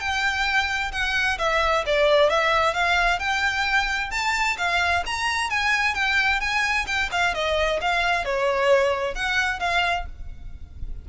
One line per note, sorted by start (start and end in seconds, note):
0.00 0.92 G5
0.92 1.38 F#5
1.38 1.84 E5
1.86 2.30 D5
2.30 2.74 E5
2.74 3.19 F5
3.19 4.11 G5
4.11 4.57 A5
4.58 5.03 F5
5.06 5.50 A#5
5.50 5.94 G#5
5.94 6.40 G5
6.40 6.86 G#5
6.87 7.10 G5
7.11 7.34 F5
7.34 7.80 D#5
7.81 8.25 F5
8.25 9.15 C#5
9.15 9.60 F#5
9.60 10.06 F5